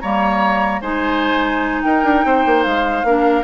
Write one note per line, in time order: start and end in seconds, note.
0.00 0.81 G3
0.00 0.82 A#3
0.00 0.81 C#5
0.00 0.81 A#5
0.81 1.82 G#3
0.81 3.05 D#4
0.81 1.82 C5
0.81 1.82 G#5
1.82 2.04 D#4
1.82 2.25 A#4
1.82 2.63 G5
2.04 2.24 D4
2.24 2.45 C4
2.24 3.07 C5
2.45 2.66 A#3
2.63 3.03 G#3
2.63 3.44 F5
3.03 3.44 A#3
3.03 3.44 D4
3.03 3.44 A#4